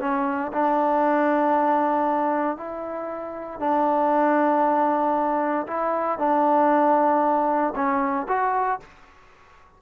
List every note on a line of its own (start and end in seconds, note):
0.00 0.52 C#4
0.53 2.57 D4
2.57 3.60 E4
3.60 5.67 D4
5.67 6.19 E4
6.19 7.74 D4
7.75 8.27 C#4
8.28 8.80 F#4